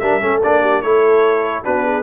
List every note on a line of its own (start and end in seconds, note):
0.00 0.22 G3
0.00 0.21 D4
0.00 0.22 A#4
0.00 0.41 E5
0.21 0.44 A3
0.21 0.42 C#4
0.21 0.62 A4
0.43 0.84 A#3
0.43 0.84 D4
0.43 0.82 D5
0.62 0.82 G4
0.82 1.66 A3
0.82 1.64 E4
0.82 1.64 A4
0.82 1.64 C#5
1.64 2.03 B3
1.64 2.03 D4
1.64 1.84 F#4
1.64 2.03 B4
1.84 2.03 G#4